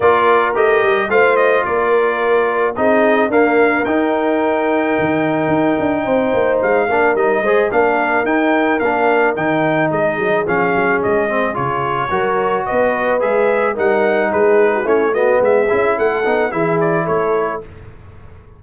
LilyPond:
<<
  \new Staff \with { instrumentName = "trumpet" } { \time 4/4 \tempo 4 = 109 d''4 dis''4 f''8 dis''8 d''4~ | d''4 dis''4 f''4 g''4~ | g''1 | f''4 dis''4 f''4 g''4 |
f''4 g''4 dis''4 f''4 | dis''4 cis''2 dis''4 | e''4 fis''4 b'4 cis''8 dis''8 | e''4 fis''4 e''8 d''8 cis''4 | }
  \new Staff \with { instrumentName = "horn" } { \time 4/4 ais'2 c''4 ais'4~ | ais'4 gis'4 ais'2~ | ais'2. c''4~ | c''8 ais'4 c''8 ais'2~ |
ais'2 gis'2~ | gis'2 ais'4 b'4~ | b'4 ais'4 gis'8. fis'16 e'8 fis'8 | gis'4 a'4 gis'4 a'4 | }
  \new Staff \with { instrumentName = "trombone" } { \time 4/4 f'4 g'4 f'2~ | f'4 dis'4 ais4 dis'4~ | dis'1~ | dis'8 d'8 dis'8 gis'8 d'4 dis'4 |
d'4 dis'2 cis'4~ | cis'8 c'8 f'4 fis'2 | gis'4 dis'2 cis'8 b8~ | b8 e'4 dis'8 e'2 | }
  \new Staff \with { instrumentName = "tuba" } { \time 4/4 ais4 a8 g8 a4 ais4~ | ais4 c'4 d'4 dis'4~ | dis'4 dis4 dis'8 d'8 c'8 ais8 | gis8 ais8 g8 gis8 ais4 dis'4 |
ais4 dis4 gis8 fis8 f8 fis8 | gis4 cis4 fis4 b4 | gis4 g4 gis4 a4 | gis8 cis'8 a8 b8 e4 a4 | }
>>